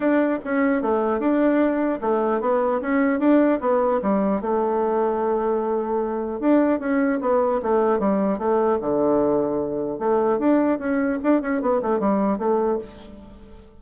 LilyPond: \new Staff \with { instrumentName = "bassoon" } { \time 4/4 \tempo 4 = 150 d'4 cis'4 a4 d'4~ | d'4 a4 b4 cis'4 | d'4 b4 g4 a4~ | a1 |
d'4 cis'4 b4 a4 | g4 a4 d2~ | d4 a4 d'4 cis'4 | d'8 cis'8 b8 a8 g4 a4 | }